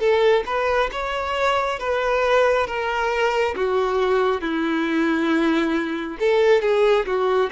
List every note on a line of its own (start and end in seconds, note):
0.00 0.44 A4
0.47 0.91 B4
0.92 1.80 C#5
1.80 2.67 B4
2.67 3.55 A#4
3.56 4.42 F#4
4.42 6.18 E4
6.20 6.62 A4
6.62 7.06 G#4
7.06 7.50 F#4